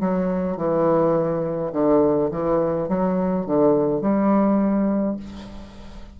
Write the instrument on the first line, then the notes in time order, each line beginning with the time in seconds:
bassoon
0.00 F#3
0.57 E3
1.73 D3
2.31 E3
2.88 F#3
3.46 D3
4.01 G3